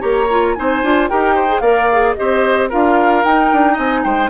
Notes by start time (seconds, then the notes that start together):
0.00 A#3 G4 C#5 A#5
0.30 F4
0.54 C4 D#4 C5 G#5
0.83 D4 F4
1.09 D#4 G4 A#4 G5
1.35 C5
1.48 G#4
1.60 A#3 A#4 D5 F5
1.92 G#4
2.15 C4 G4 C5 D#5
2.69 D4 F4 A#4 F5
3.24 D#4 G5
3.52 D4
3.73 C4 D#5 G#5
4.04 G#3 C5 G5